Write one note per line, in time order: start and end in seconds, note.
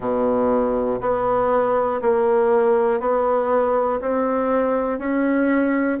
0.00 1.00 B2
1.00 2.00 B3
2.01 3.00 A#3
3.00 4.00 B3
4.00 4.99 C4
4.99 5.99 C#4